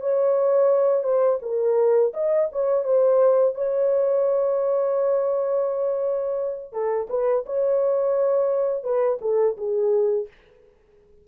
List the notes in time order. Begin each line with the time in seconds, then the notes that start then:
0.00 C#5
1.04 C5
1.42 A#4
2.14 D#5
2.52 C#5
2.84 C5
3.55 C#5
6.72 A4
7.09 B4
7.46 C#5
8.84 B4
9.21 A4
9.57 G#4